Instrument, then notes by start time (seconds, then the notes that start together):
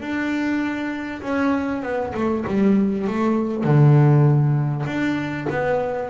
double bass
0.00 D4
1.22 C#4
1.82 B3
2.14 A3
2.47 G3
3.07 A3
3.63 D3
4.86 D4
5.50 B3